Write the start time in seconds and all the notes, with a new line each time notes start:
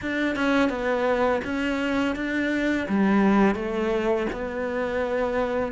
0.01 D4
0.35 C#4
0.69 B3
1.44 C#4
2.15 D4
2.88 G3
3.55 A3
4.32 B3